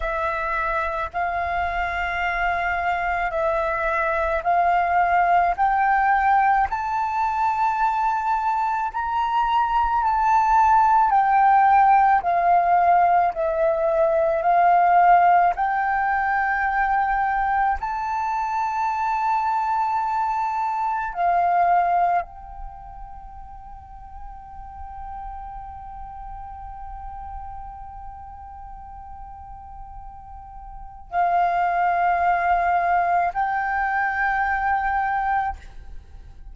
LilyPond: \new Staff \with { instrumentName = "flute" } { \time 4/4 \tempo 4 = 54 e''4 f''2 e''4 | f''4 g''4 a''2 | ais''4 a''4 g''4 f''4 | e''4 f''4 g''2 |
a''2. f''4 | g''1~ | g''1 | f''2 g''2 | }